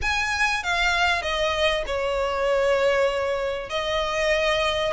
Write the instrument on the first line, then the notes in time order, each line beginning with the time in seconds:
violin
0.01 G#5
0.63 F5
1.22 D#5
1.86 C#5
3.69 D#5